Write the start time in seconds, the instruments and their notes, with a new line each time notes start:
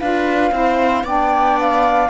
0.00 cello D4, saxophone F4, viola B4, flute F5
0.52 cello C4, saxophone E4, viola C5
1.04 cello B3, saxophone D4, viola D5, flute G5
1.60 flute F5